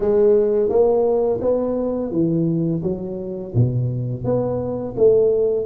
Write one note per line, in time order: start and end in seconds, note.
0.00 0.69 G#3
0.69 1.40 A#3
1.41 2.11 B3
2.11 2.82 E3
2.82 3.53 F#3
3.54 4.24 B2
4.24 4.94 B3
4.96 5.65 A3